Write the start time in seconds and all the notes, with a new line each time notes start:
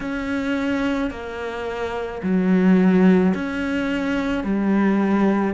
0.00 C#4
1.10 A#3
2.22 F#3
3.34 C#4
4.44 G3